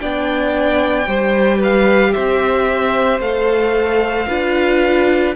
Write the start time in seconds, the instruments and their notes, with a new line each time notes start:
0.00 cello B3, viola D4, violin D5 G5
1.06 cello G3, viola G4, violin C5
1.57 violin B4 F5
2.13 cello C4, violin C5 E5
3.19 cello A3, viola A4, violin F5
4.27 cello D4, viola F4, violin B4